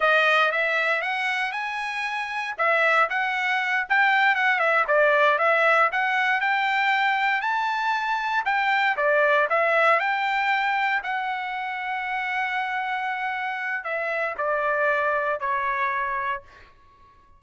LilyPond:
\new Staff \with { instrumentName = "trumpet" } { \time 4/4 \tempo 4 = 117 dis''4 e''4 fis''4 gis''4~ | gis''4 e''4 fis''4. g''8~ | g''8 fis''8 e''8 d''4 e''4 fis''8~ | fis''8 g''2 a''4.~ |
a''8 g''4 d''4 e''4 g''8~ | g''4. fis''2~ fis''8~ | fis''2. e''4 | d''2 cis''2 | }